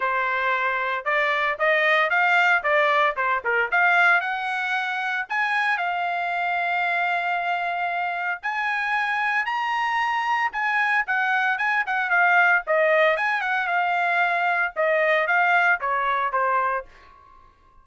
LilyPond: \new Staff \with { instrumentName = "trumpet" } { \time 4/4 \tempo 4 = 114 c''2 d''4 dis''4 | f''4 d''4 c''8 ais'8 f''4 | fis''2 gis''4 f''4~ | f''1 |
gis''2 ais''2 | gis''4 fis''4 gis''8 fis''8 f''4 | dis''4 gis''8 fis''8 f''2 | dis''4 f''4 cis''4 c''4 | }